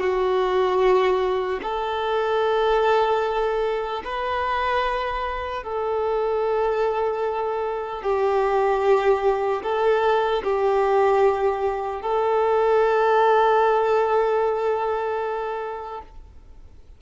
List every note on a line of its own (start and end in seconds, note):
0.00 1.60 F#4
1.63 4.03 A4
4.05 5.63 B4
5.63 8.03 A4
8.03 9.63 G4
9.63 10.43 A4
10.43 12.02 G4
12.02 16.02 A4